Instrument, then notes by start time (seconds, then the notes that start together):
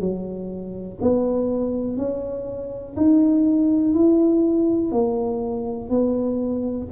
tuba
0.00 F#3
1.01 B3
1.98 C#4
2.96 D#4
3.94 E4
4.92 A#3
5.90 B3